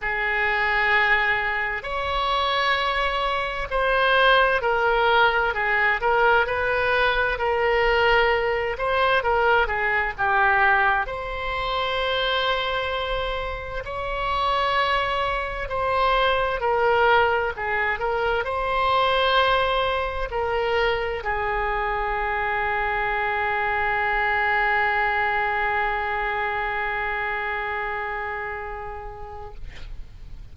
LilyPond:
\new Staff \with { instrumentName = "oboe" } { \time 4/4 \tempo 4 = 65 gis'2 cis''2 | c''4 ais'4 gis'8 ais'8 b'4 | ais'4. c''8 ais'8 gis'8 g'4 | c''2. cis''4~ |
cis''4 c''4 ais'4 gis'8 ais'8 | c''2 ais'4 gis'4~ | gis'1~ | gis'1 | }